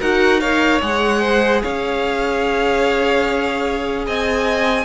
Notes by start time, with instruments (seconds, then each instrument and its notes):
0.00 cello D#4, viola F#4, violin A#4 F#5
0.41 viola A#4, violin C#5 F5
0.81 cello G#3, viola G#4, violin F#5
1.21 violin C5
1.62 cello C#4, violin C#5 F5
4.07 cello C4, violin D#5 G#5